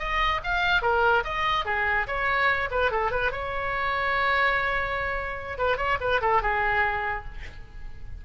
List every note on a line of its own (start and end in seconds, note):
0.00 0.41 D#5
0.44 0.83 F5
0.83 1.24 A#4
1.25 1.66 D#5
1.66 2.07 G#4
2.08 2.70 C#5
2.71 2.92 B4
2.92 3.11 A4
3.11 3.32 B4
3.32 5.58 C#5
5.58 5.78 B4
5.78 5.98 C#5
6.01 6.21 B4
6.22 6.43 A4
6.43 7.25 G#4